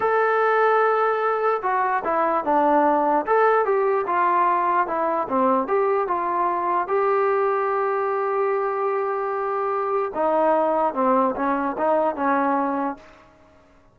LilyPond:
\new Staff \with { instrumentName = "trombone" } { \time 4/4 \tempo 4 = 148 a'1 | fis'4 e'4 d'2 | a'4 g'4 f'2 | e'4 c'4 g'4 f'4~ |
f'4 g'2.~ | g'1~ | g'4 dis'2 c'4 | cis'4 dis'4 cis'2 | }